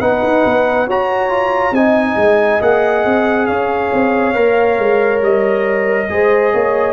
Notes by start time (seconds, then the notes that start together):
0.00 B3 D#4 B4 F#5
0.23 D#4
0.45 B3
0.87 F#4 C#5 A#5
1.29 F4
1.72 C4 D#4 D#5 G#5
2.16 G#3
2.61 A#3 G#4 F#5
3.05 C4
3.46 C#4 C#5 F5
3.93 C4
4.34 A#3 A#4
4.78 G#3
5.21 G3 D#5
6.09 G#3 G#4 C5
6.53 A#3 C#5